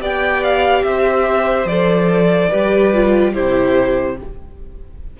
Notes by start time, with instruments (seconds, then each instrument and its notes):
0.00 cello B3, viola G4, violin D5 G5
0.43 violin F5
0.84 cello C4, violin C5 E5
1.65 cello F3, viola A4, violin D5
2.49 cello G3, viola G4, violin B4
2.93 viola F4
3.33 cello C3, viola E4, violin G4 C5